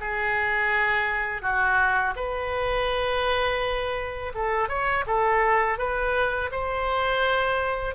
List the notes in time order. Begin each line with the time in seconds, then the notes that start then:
0.00 G#4
1.42 F#4
2.16 B4
4.34 A4
4.69 C#5
5.06 A4
5.78 B4
6.52 C5